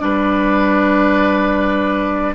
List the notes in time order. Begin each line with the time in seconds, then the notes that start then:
0.00 G3 D4 B4 D5